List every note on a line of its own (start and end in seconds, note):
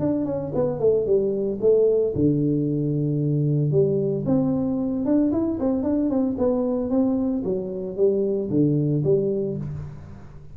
0.00 0.26 D4
0.26 0.52 C#4
0.55 0.80 B3
0.80 1.06 A3
1.06 1.59 G3
1.61 2.14 A3
2.15 3.71 D3
3.71 4.25 G3
4.26 5.05 C4
5.05 5.32 D4
5.32 5.59 E4
5.60 5.84 C4
5.84 6.10 D4
6.10 6.36 C4
6.38 6.90 B3
6.90 7.43 C4
7.44 7.97 F#3
7.97 8.50 G3
8.50 9.03 D3
9.04 9.57 G3